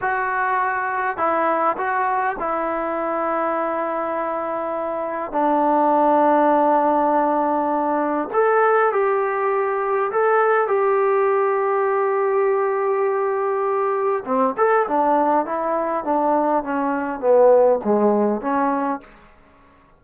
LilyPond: \new Staff \with { instrumentName = "trombone" } { \time 4/4 \tempo 4 = 101 fis'2 e'4 fis'4 | e'1~ | e'4 d'2.~ | d'2 a'4 g'4~ |
g'4 a'4 g'2~ | g'1 | c'8 a'8 d'4 e'4 d'4 | cis'4 b4 gis4 cis'4 | }